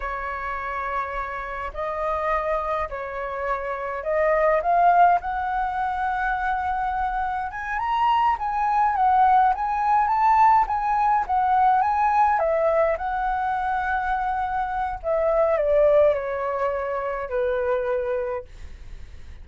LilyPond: \new Staff \with { instrumentName = "flute" } { \time 4/4 \tempo 4 = 104 cis''2. dis''4~ | dis''4 cis''2 dis''4 | f''4 fis''2.~ | fis''4 gis''8 ais''4 gis''4 fis''8~ |
fis''8 gis''4 a''4 gis''4 fis''8~ | fis''8 gis''4 e''4 fis''4.~ | fis''2 e''4 d''4 | cis''2 b'2 | }